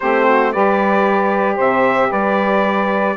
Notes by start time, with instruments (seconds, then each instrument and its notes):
0.00 bassoon A3, saxophone C4 G4, trumpet C5
0.26 saxophone F#4
0.52 bassoon G3, saxophone G4 B4, trumpet D5
1.55 bassoon C3, saxophone C5, trumpet E5
2.10 bassoon G3, saxophone B4, trumpet D5